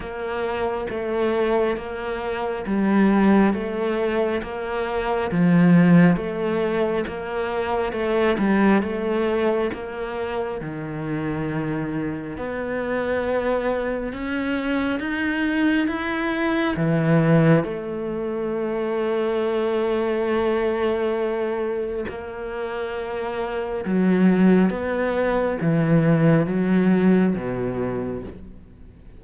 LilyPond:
\new Staff \with { instrumentName = "cello" } { \time 4/4 \tempo 4 = 68 ais4 a4 ais4 g4 | a4 ais4 f4 a4 | ais4 a8 g8 a4 ais4 | dis2 b2 |
cis'4 dis'4 e'4 e4 | a1~ | a4 ais2 fis4 | b4 e4 fis4 b,4 | }